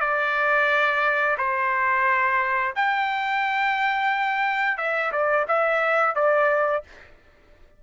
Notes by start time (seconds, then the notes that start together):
0.00 D5
1.37 C5
2.75 G5
4.77 E5
5.12 D5
5.47 E5
6.15 D5